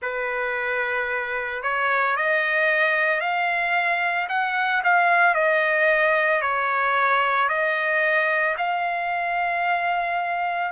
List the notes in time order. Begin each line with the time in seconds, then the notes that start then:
0.01 B4
1.62 C#5
2.16 D#5
3.20 F5
4.29 F#5
4.84 F5
5.34 D#5
6.41 C#5
7.48 D#5
8.57 F5